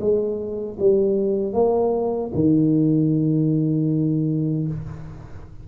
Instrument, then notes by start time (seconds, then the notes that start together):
tuba
0.00 G#3
0.79 G3
1.53 A#3
2.34 D#3